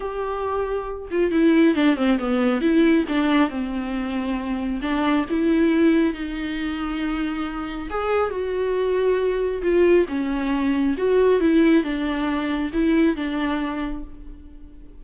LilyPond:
\new Staff \with { instrumentName = "viola" } { \time 4/4 \tempo 4 = 137 g'2~ g'8 f'8 e'4 | d'8 c'8 b4 e'4 d'4 | c'2. d'4 | e'2 dis'2~ |
dis'2 gis'4 fis'4~ | fis'2 f'4 cis'4~ | cis'4 fis'4 e'4 d'4~ | d'4 e'4 d'2 | }